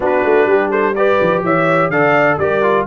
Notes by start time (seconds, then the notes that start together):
0.00 B3 D4 F#4 B4
0.24 A3
0.45 G3 G4
0.70 A4 C5
0.95 G4 B4 D5
1.21 F3
1.43 E3 C#5 E5
1.89 D3 A4 D5 F5
2.37 G3 G4 A#4 D5
2.62 F4